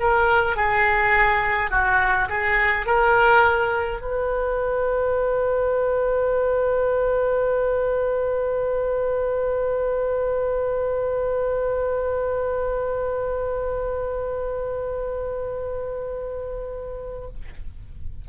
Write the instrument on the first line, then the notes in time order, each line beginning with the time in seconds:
oboe
0.00 A#4
0.56 G#4
1.70 F#4
2.29 G#4
2.86 A#4
4.01 B4